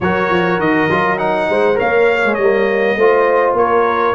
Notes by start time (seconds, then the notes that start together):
0.00 F#3 F#4 A#4 C#5
0.29 F3
0.58 D#3 D#5
0.90 F#3 F4
1.17 D#4 F#5
1.49 G#3 C5
1.74 A#3 A#4 C#5 F5
2.25 G#3
2.34 G3 A#3 D#5
2.96 A3 F4 C5
3.53 A#3 A#4 C#5